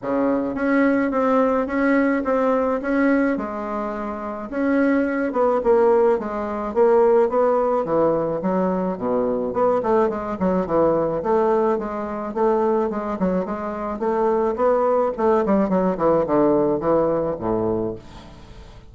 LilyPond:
\new Staff \with { instrumentName = "bassoon" } { \time 4/4 \tempo 4 = 107 cis4 cis'4 c'4 cis'4 | c'4 cis'4 gis2 | cis'4. b8 ais4 gis4 | ais4 b4 e4 fis4 |
b,4 b8 a8 gis8 fis8 e4 | a4 gis4 a4 gis8 fis8 | gis4 a4 b4 a8 g8 | fis8 e8 d4 e4 a,4 | }